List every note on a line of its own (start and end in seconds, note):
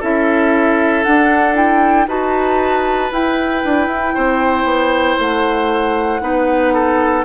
0.00 1.06 C#4
0.00 1.05 E4
0.00 2.07 A4
0.00 1.04 E5
1.04 1.55 D4
1.04 2.07 D4
1.04 1.55 F#5
1.55 2.06 E4
1.55 2.08 G5
2.07 3.11 D#4
2.07 3.11 F#4
2.07 4.14 B4
2.07 3.12 A5
3.11 6.21 E4
3.11 3.64 E4
3.11 5.20 G5
3.64 3.87 D4
3.87 4.13 E4
4.14 4.64 C4
4.14 6.21 C5
4.64 5.16 B3
5.19 6.22 A3
5.19 7.25 F#5
6.21 7.25 B3
6.21 7.25 D#4
6.21 6.74 B4
6.74 7.25 A4